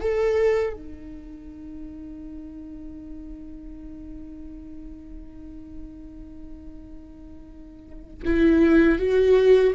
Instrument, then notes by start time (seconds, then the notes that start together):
viola
0.00 A4
0.73 D#4
8.25 E4
8.98 F#4